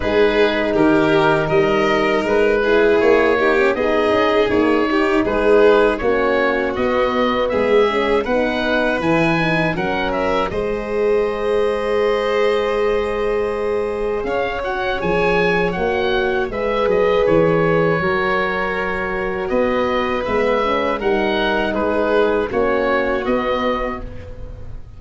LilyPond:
<<
  \new Staff \with { instrumentName = "oboe" } { \time 4/4 \tempo 4 = 80 b'4 ais'4 dis''4 b'4 | cis''4 dis''4 cis''4 b'4 | cis''4 dis''4 e''4 fis''4 | gis''4 fis''8 e''8 dis''2~ |
dis''2. f''8 fis''8 | gis''4 fis''4 e''8 dis''8 cis''4~ | cis''2 dis''4 e''4 | fis''4 b'4 cis''4 dis''4 | }
  \new Staff \with { instrumentName = "violin" } { \time 4/4 gis'4 g'4 ais'4. gis'8~ | gis'8 g'8 gis'4. g'8 gis'4 | fis'2 gis'4 b'4~ | b'4 ais'4 c''2~ |
c''2. cis''4~ | cis''2 b'2 | ais'2 b'2 | ais'4 gis'4 fis'2 | }
  \new Staff \with { instrumentName = "horn" } { \time 4/4 dis'2.~ dis'8 e'8~ | e'8 dis'16 cis'16 dis'4 ais8 dis'4. | cis'4 b4. cis'8 dis'4 | e'8 dis'8 cis'4 gis'2~ |
gis'2.~ gis'8 fis'8 | gis'4 fis'4 gis'2 | fis'2. b8 cis'8 | dis'2 cis'4 b4 | }
  \new Staff \with { instrumentName = "tuba" } { \time 4/4 gis4 dis4 g4 gis4 | ais4 b8 cis'8 dis'4 gis4 | ais4 b4 gis4 b4 | e4 fis4 gis2~ |
gis2. cis'4 | f4 ais4 gis8 fis8 e4 | fis2 b4 gis4 | g4 gis4 ais4 b4 | }
>>